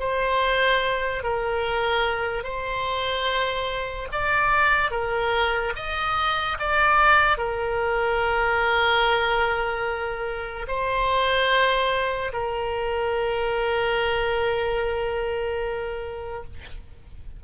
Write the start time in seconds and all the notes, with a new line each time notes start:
0.00 C5
1.23 A#4
2.44 C5
4.12 D5
4.91 A#4
5.76 D#5
6.59 D5
7.38 A#4
10.68 C5
12.33 A#4